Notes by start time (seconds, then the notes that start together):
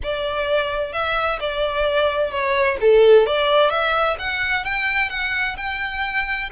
0.03 D5
0.92 E5
1.40 D5
2.31 C#5
2.81 A4
3.26 D5
3.70 E5
4.18 F#5
4.64 G5
5.09 F#5
5.56 G5